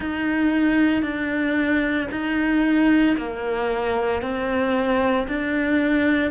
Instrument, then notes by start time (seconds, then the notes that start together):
cello
0.00 D#4
1.02 D4
2.11 D#4
3.17 A#3
4.22 C4
5.27 D4